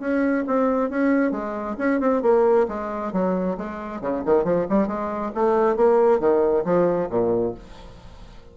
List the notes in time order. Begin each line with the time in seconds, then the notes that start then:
0.00 C#4
0.47 C4
0.90 C#4
1.32 G#3
1.79 C#4
2.01 C4
2.22 A#3
2.68 G#3
3.13 F#3
3.58 G#3
4.01 C#3
4.26 D#3
4.44 F3
4.69 G3
4.88 G#3
5.35 A3
5.77 A#3
6.20 D#3
6.65 F3
7.10 A#2